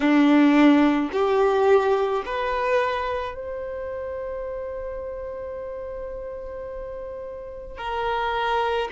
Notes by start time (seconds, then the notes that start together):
0.00 D4
1.12 G4
2.25 B4
3.34 C5
7.77 A#4